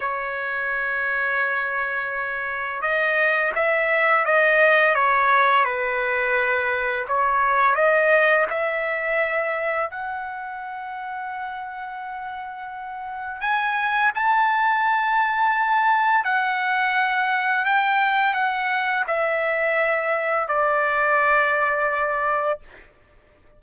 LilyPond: \new Staff \with { instrumentName = "trumpet" } { \time 4/4 \tempo 4 = 85 cis''1 | dis''4 e''4 dis''4 cis''4 | b'2 cis''4 dis''4 | e''2 fis''2~ |
fis''2. gis''4 | a''2. fis''4~ | fis''4 g''4 fis''4 e''4~ | e''4 d''2. | }